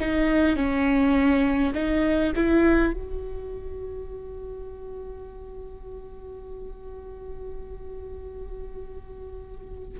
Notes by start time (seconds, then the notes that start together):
0.00 D#4
0.56 C#4
1.74 D#4
2.36 E4
2.93 F#4